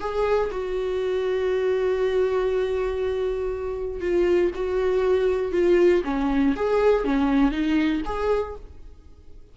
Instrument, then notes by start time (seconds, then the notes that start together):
viola
0.00 G#4
0.51 F#4
4.01 F4
4.55 F#4
5.52 F4
6.05 C#4
6.56 G#4
7.05 C#4
7.51 D#4
8.05 G#4